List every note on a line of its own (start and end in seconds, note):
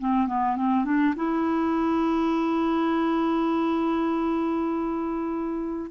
0.00 0.27 C4
0.27 0.57 B3
0.57 0.85 C4
0.85 1.14 D4
1.16 5.91 E4